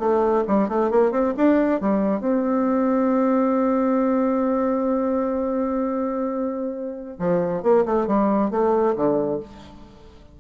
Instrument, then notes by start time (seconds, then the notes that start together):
bassoon
0.00 A3
0.48 G3
0.69 A3
0.91 A#3
1.12 C4
1.38 D4
1.81 G3
2.21 C4
7.20 F3
7.63 A#3
7.86 A3
8.07 G3
8.51 A3
8.96 D3